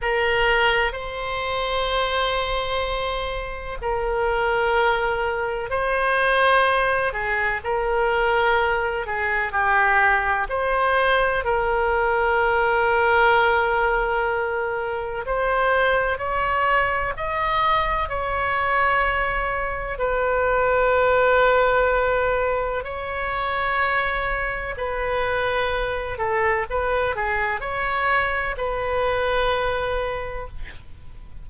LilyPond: \new Staff \with { instrumentName = "oboe" } { \time 4/4 \tempo 4 = 63 ais'4 c''2. | ais'2 c''4. gis'8 | ais'4. gis'8 g'4 c''4 | ais'1 |
c''4 cis''4 dis''4 cis''4~ | cis''4 b'2. | cis''2 b'4. a'8 | b'8 gis'8 cis''4 b'2 | }